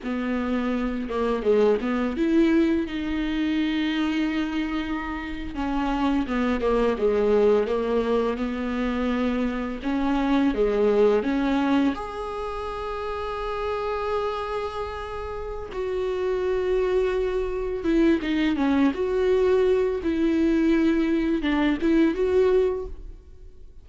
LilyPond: \new Staff \with { instrumentName = "viola" } { \time 4/4 \tempo 4 = 84 b4. ais8 gis8 b8 e'4 | dis'2.~ dis'8. cis'16~ | cis'8. b8 ais8 gis4 ais4 b16~ | b4.~ b16 cis'4 gis4 cis'16~ |
cis'8. gis'2.~ gis'16~ | gis'2 fis'2~ | fis'4 e'8 dis'8 cis'8 fis'4. | e'2 d'8 e'8 fis'4 | }